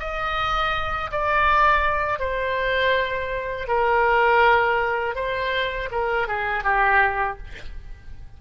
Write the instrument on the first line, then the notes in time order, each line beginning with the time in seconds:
oboe
0.00 D#5
1.11 D5
2.20 C5
3.68 A#4
5.15 C5
5.92 A#4
6.28 G#4
6.64 G4